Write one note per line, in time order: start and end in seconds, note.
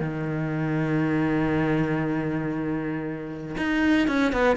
0.00 3.56 D#3
3.57 4.08 D#4
4.08 4.32 C#4
4.32 4.56 B3